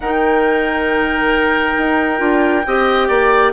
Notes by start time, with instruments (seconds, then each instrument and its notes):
0.00 bassoon D#3, clarinet D#4, oboe A#4, flute G5
1.77 bassoon D#4
2.18 bassoon D4, clarinet F4
2.66 bassoon C4, clarinet G4, oboe D#5
3.08 bassoon A#3, oboe D5